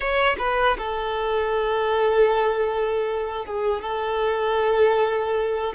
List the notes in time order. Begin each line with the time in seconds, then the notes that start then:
0.00 C#5
0.38 B4
0.78 A4
3.45 G#4
3.81 A4